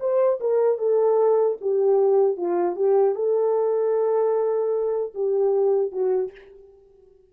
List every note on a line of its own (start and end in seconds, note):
0.00 0.39 C5
0.40 0.78 A#4
0.78 1.57 A4
1.61 2.37 G4
2.37 2.76 F4
2.76 3.15 G4
3.15 5.12 A4
5.14 5.92 G4
5.92 6.31 F#4